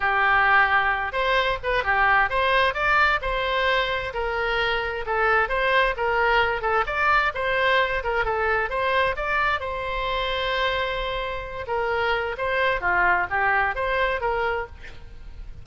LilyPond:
\new Staff \with { instrumentName = "oboe" } { \time 4/4 \tempo 4 = 131 g'2~ g'8 c''4 b'8 | g'4 c''4 d''4 c''4~ | c''4 ais'2 a'4 | c''4 ais'4. a'8 d''4 |
c''4. ais'8 a'4 c''4 | d''4 c''2.~ | c''4. ais'4. c''4 | f'4 g'4 c''4 ais'4 | }